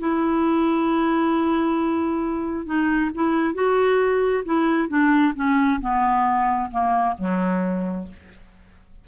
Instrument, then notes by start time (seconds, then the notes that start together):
clarinet
0.00 E4
2.66 D#4
3.15 E4
3.55 F#4
4.46 E4
4.89 D4
5.36 C#4
5.81 B3
6.72 A#3
7.18 F#3